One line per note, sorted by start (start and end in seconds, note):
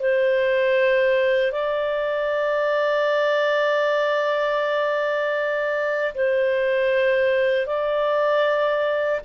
0.00 1.52 C5
1.52 6.14 D5
6.14 7.67 C5
7.67 9.21 D5